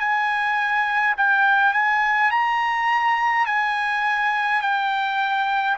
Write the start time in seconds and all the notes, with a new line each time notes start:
0.00 G#5
1.17 G5
1.74 G#5
2.31 A#5
3.47 G#5
4.62 G5